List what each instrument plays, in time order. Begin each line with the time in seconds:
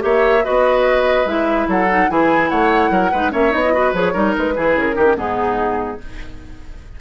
0.00 bassoon A#3, clarinet G4, oboe C#5, flute E5
0.44 bassoon B3, clarinet F#4, oboe B4, flute D#5
1.25 bassoon G#3, clarinet E4, flute E5
1.68 bassoon F#3, oboe A4, flute F#5
1.89 clarinet D#4
2.10 bassoon E3, clarinet E4, oboe G#4, flute G#5
2.50 bassoon A3, oboe C#5, flute F#5
2.90 bassoon F#3, oboe A#4
3.11 bassoon G#3, clarinet D#4, oboe B4
3.31 bassoon A#3, clarinet C#4, oboe C#5, flute E5
3.51 bassoon B3, clarinet D#4, flute D#5
3.64 clarinet E4
3.74 clarinet F#4, oboe B4
3.93 bassoon F3, clarinet G#4, flute C#5
4.13 bassoon G3, clarinet D#4, oboe A#4
4.38 bassoon G#3, flute B4
4.55 bassoon E3, clarinet E4, oboe G#4
4.76 bassoon C#3, flute A#4
4.94 bassoon D#3, clarinet D#4, oboe G4
5.05 clarinet C#4
5.16 bassoon G#2, clarinet B3, oboe D#4, flute G#4